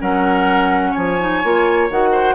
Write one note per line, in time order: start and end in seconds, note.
0.00 0.96 F#3
0.00 1.18 C#4
0.00 0.91 A#4
0.00 0.94 F#5
0.91 1.44 F3
0.91 2.09 C#5
0.91 1.88 G#5
1.19 1.43 D#4
1.44 1.90 A#3
1.44 1.90 F4
1.90 2.35 D#3
1.90 2.35 F#4
1.90 2.35 F#5
2.12 2.35 C5